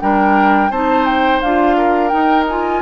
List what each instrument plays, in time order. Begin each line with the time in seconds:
0.00 bassoon G3, clarinet D4, oboe A#4, flute G5
0.70 bassoon C4, clarinet D#4, oboe C5, flute A5
1.05 flute G5
1.41 bassoon D4, clarinet F4, flute F5
1.77 oboe A#4
2.08 clarinet D#4, bassoon D#4, flute G5
2.48 clarinet F4, flute G#5